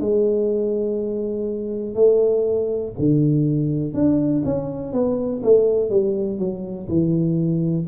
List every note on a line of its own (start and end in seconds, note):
0.00 1.94 G#3
1.94 2.93 A3
2.99 3.93 D3
3.93 4.43 D4
4.44 4.92 C#4
4.92 5.41 B3
5.43 5.89 A3
5.89 6.38 G3
6.38 6.88 F#3
6.88 7.86 E3